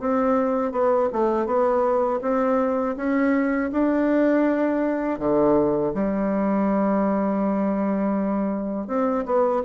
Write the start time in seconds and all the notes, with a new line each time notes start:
0.00 C4
0.72 B3
1.12 A3
1.46 B3
2.22 C4
2.96 C#4
3.72 D4
5.19 D3
5.94 G3
8.87 C4
9.26 B3